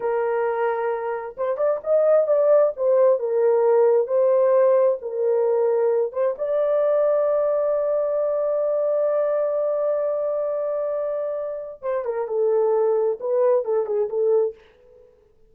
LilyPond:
\new Staff \with { instrumentName = "horn" } { \time 4/4 \tempo 4 = 132 ais'2. c''8 d''8 | dis''4 d''4 c''4 ais'4~ | ais'4 c''2 ais'4~ | ais'4. c''8 d''2~ |
d''1~ | d''1~ | d''2 c''8 ais'8 a'4~ | a'4 b'4 a'8 gis'8 a'4 | }